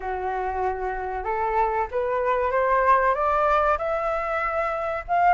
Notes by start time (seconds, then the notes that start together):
0.00 F#4
1.23 A4
1.91 B4
2.51 C5
3.14 D5
3.78 E5
5.08 F5